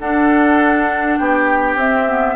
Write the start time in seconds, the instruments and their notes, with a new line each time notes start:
0.00 bassoon D4, clarinet D4, oboe A4, flute F#5
1.18 bassoon B3, oboe G4, flute G5
1.76 bassoon C4, clarinet C4, flute E5
2.09 clarinet B3